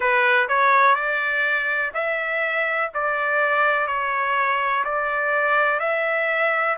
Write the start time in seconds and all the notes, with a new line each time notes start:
0.00 B4
0.48 C#5
0.95 D5
1.94 E5
2.93 D5
3.87 C#5
4.84 D5
5.79 E5